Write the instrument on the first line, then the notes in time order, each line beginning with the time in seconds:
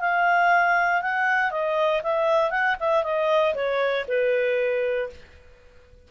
clarinet
0.00 F5
1.01 F#5
1.51 D#5
2.03 E5
2.50 F#5
2.80 E5
3.03 D#5
3.54 C#5
4.08 B4